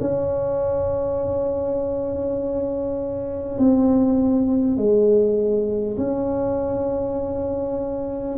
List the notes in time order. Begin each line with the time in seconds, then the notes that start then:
0.00 C#4
3.58 C4
4.77 G#3
5.97 C#4